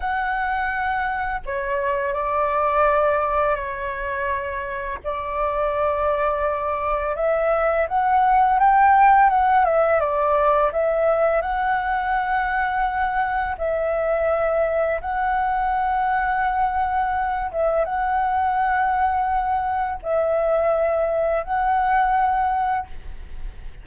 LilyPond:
\new Staff \with { instrumentName = "flute" } { \time 4/4 \tempo 4 = 84 fis''2 cis''4 d''4~ | d''4 cis''2 d''4~ | d''2 e''4 fis''4 | g''4 fis''8 e''8 d''4 e''4 |
fis''2. e''4~ | e''4 fis''2.~ | fis''8 e''8 fis''2. | e''2 fis''2 | }